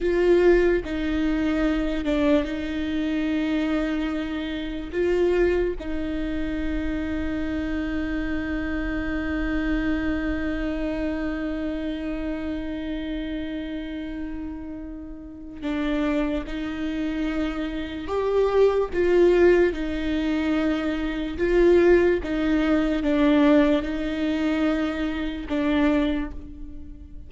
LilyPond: \new Staff \with { instrumentName = "viola" } { \time 4/4 \tempo 4 = 73 f'4 dis'4. d'8 dis'4~ | dis'2 f'4 dis'4~ | dis'1~ | dis'1~ |
dis'2. d'4 | dis'2 g'4 f'4 | dis'2 f'4 dis'4 | d'4 dis'2 d'4 | }